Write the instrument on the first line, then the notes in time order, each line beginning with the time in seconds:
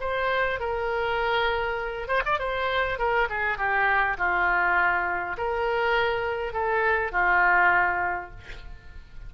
oboe
0.00 C5
0.60 A#4
2.08 C5
2.25 D5
2.39 C5
2.98 A#4
3.29 G#4
3.58 G4
4.18 F4
5.37 A#4
6.53 A4
7.12 F4